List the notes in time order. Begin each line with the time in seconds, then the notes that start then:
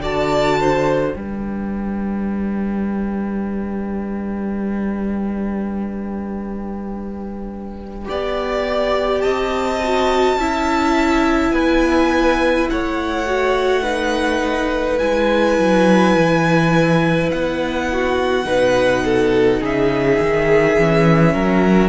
0.00 D3 F#4 D5 A5
0.61 C5
1.14 G3 D4 B4 G5
8.06 B3 G4 D5
9.21 C4 D#5 A5
9.83 F#4
10.37 C#4 E4 E5
11.52 B3 B4 G#5
12.70 A3 C#5 F#5
13.26 F#4
13.83 D#4 B4
14.99 G#3 E4 G#5
15.59 F#3
16.16 E3
17.31 B3 F#5
17.93 F#4
18.44 B2 D#4 B4
19.05 A4
19.61 C#3 G#4 E5
20.20 D#3
20.79 E3 C#4
21.33 F#3 A#4